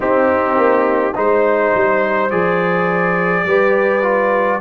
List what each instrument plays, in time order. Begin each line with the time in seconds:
0.00 trombone C4, tuba C4, horn D#4, trumpet G4
0.57 tuba A#3
1.15 tuba G#3, trombone D#4, horn C5, trumpet C5
1.74 tuba G3
2.30 tuba F3, trombone G#4, trumpet D5
3.45 tuba G3, trombone G4, horn B4
4.02 trombone F4